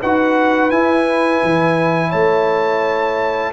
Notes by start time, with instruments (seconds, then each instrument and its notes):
0.00 tuba D#4, trombone F#4, horn B4, trumpet F#5
0.70 tuba E4, trombone E4, trumpet G#5
1.43 tuba E3
2.09 tuba A3, horn C#5, trumpet A5